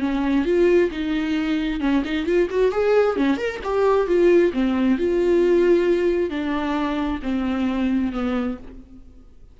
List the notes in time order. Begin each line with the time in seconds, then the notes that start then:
0.00 C#4
0.45 F4
0.91 D#4
1.80 C#4
2.05 D#4
2.26 F4
2.50 F#4
2.72 G#4
3.17 C#4
3.37 A#4
3.64 G4
4.07 F4
4.53 C4
4.98 F4
6.30 D4
7.23 C4
8.12 B3